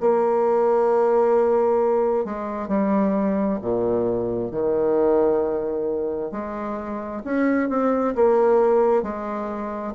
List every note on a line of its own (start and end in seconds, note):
0.00 2.24 A#3
2.24 2.68 G#3
2.68 3.59 G3
3.61 4.51 A#2
4.51 6.31 D#3
6.31 7.22 G#3
7.24 7.69 C#4
7.69 8.14 C4
8.15 9.02 A#3
9.02 9.93 G#3